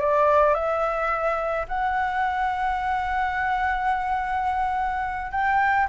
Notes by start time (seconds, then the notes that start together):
0.00 D5
0.54 E5
1.68 F#5
5.32 G5